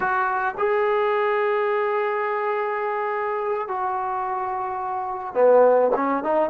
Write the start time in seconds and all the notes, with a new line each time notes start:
0.00 F#4
0.58 G#4
3.67 F#4
5.34 B3
5.95 C#4
6.23 D#4